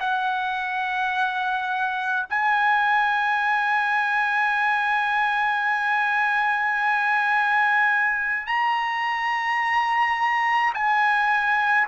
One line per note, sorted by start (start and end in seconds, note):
0.00 2.26 F#5
2.30 8.46 G#5
8.46 10.73 A#5
10.74 11.87 G#5